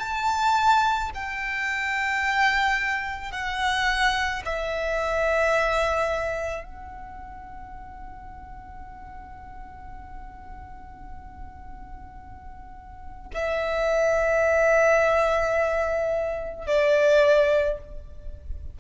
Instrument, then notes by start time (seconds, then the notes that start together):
violin
0.00 A5
1.15 G5
3.32 F#5
4.45 E5
6.64 F#5
13.34 E5
16.67 D5